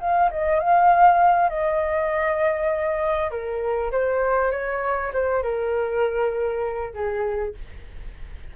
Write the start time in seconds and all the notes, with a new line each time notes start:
0.00 F5
0.31 D#5
0.60 F5
1.49 D#5
3.31 A#4
3.92 C5
4.52 C#5
5.13 C5
5.43 A#4
6.94 G#4